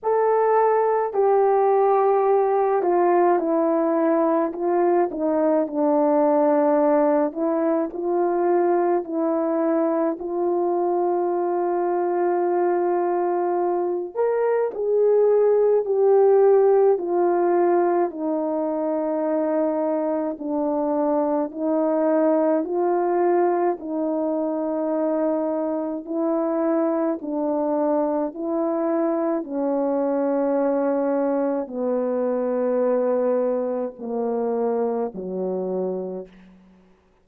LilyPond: \new Staff \with { instrumentName = "horn" } { \time 4/4 \tempo 4 = 53 a'4 g'4. f'8 e'4 | f'8 dis'8 d'4. e'8 f'4 | e'4 f'2.~ | f'8 ais'8 gis'4 g'4 f'4 |
dis'2 d'4 dis'4 | f'4 dis'2 e'4 | d'4 e'4 cis'2 | b2 ais4 fis4 | }